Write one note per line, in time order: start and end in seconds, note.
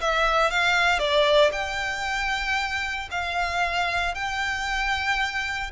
0.00 0.50 E5
0.50 0.99 F5
0.99 1.51 D5
1.52 3.09 G5
3.11 4.14 F5
4.14 5.71 G5